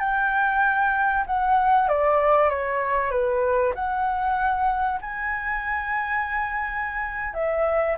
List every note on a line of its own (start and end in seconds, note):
0.00 1.25 G5
1.27 1.89 F#5
1.89 2.50 D5
2.50 3.11 C#5
3.11 3.74 B4
3.75 5.00 F#5
5.01 7.34 G#5
7.34 7.97 E5